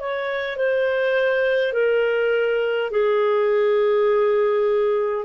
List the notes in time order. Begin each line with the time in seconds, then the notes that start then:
0.00 C#5
0.57 C5
1.73 A#4
2.91 G#4